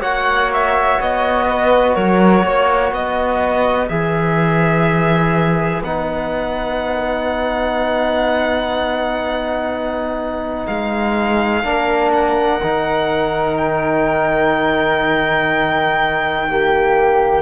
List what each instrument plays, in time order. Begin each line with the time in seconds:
0.00 cello A#3, trombone F#4, flute C#5, violin F#5
0.53 violin E5
1.00 cello B3, violin D#5
1.49 flute B4
1.95 cello F#3, flute A#4, violin C#5
2.43 cello A#3, flute C#5
2.92 cello B3, flute B4, violin D#5
3.89 cello E3, trombone G#4, violin E5
5.83 cello B3, trombone D#4, violin F#5
10.66 cello G#3, violin F5
11.64 cello A#3, trombone D4, flute A#4
12.12 violin F#5
12.63 cello D#3, trombone D#4
13.57 violin G5
16.49 trombone A#3, flute G4